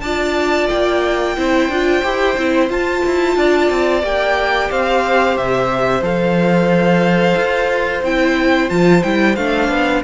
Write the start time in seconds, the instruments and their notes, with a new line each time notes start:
0.00 cello D4, viola F4, violin D5 A5
0.69 cello A#3, violin G5
1.37 cello C4, viola E4, violin C5
1.68 cello D4, viola F4
2.03 cello E4, viola G4
2.37 cello C4, viola E4
2.69 cello F4, viola F4, violin A5
3.06 cello E4
3.36 cello D4, violin D5
3.70 cello C4
4.02 cello A#3, viola G4, violin G5
4.70 cello C4, violin C5 F5
5.37 cello C3, violin E5
6.01 cello F3, viola A4, violin F5
7.36 cello F4
8.02 cello C4, viola E4, violin G5
8.69 cello F3, viola F4, violin A5
9.03 cello G3, viola E4, violin G5
9.35 cello A3, viola D4, violin F5
9.69 cello B3